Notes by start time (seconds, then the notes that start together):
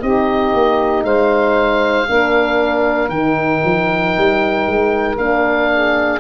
0.00 C4 D#4 G4 D#5
0.53 A#3
1.04 G#3 C5 F5
2.08 A#3 D4 A#4
3.09 D#3 D#4 G5
3.64 F3
4.18 G3
4.67 G#3
5.18 A#3 D4 F5
5.72 G#4